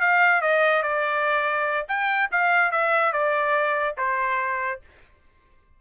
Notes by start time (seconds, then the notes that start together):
0.00 F5
0.41 D#5
0.82 D5
1.88 G5
2.31 F5
2.71 E5
3.12 D5
3.97 C5